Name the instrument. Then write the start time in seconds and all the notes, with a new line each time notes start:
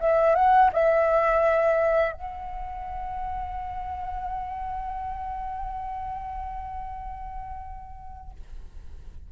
flute
0.00 E5
0.35 F#5
0.73 E5
2.13 F#5